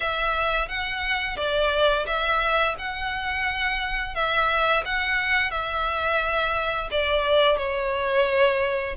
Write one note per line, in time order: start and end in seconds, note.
0.00 0.68 E5
0.68 1.36 F#5
1.36 2.05 D5
2.06 2.75 E5
2.78 4.14 F#5
4.14 4.83 E5
4.85 5.50 F#5
5.50 6.88 E5
6.91 7.57 D5
7.57 8.95 C#5